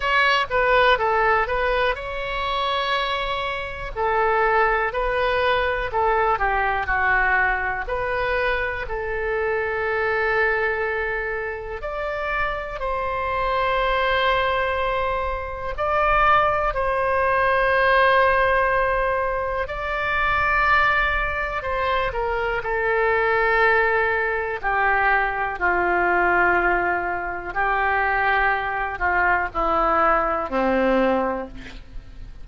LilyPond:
\new Staff \with { instrumentName = "oboe" } { \time 4/4 \tempo 4 = 61 cis''8 b'8 a'8 b'8 cis''2 | a'4 b'4 a'8 g'8 fis'4 | b'4 a'2. | d''4 c''2. |
d''4 c''2. | d''2 c''8 ais'8 a'4~ | a'4 g'4 f'2 | g'4. f'8 e'4 c'4 | }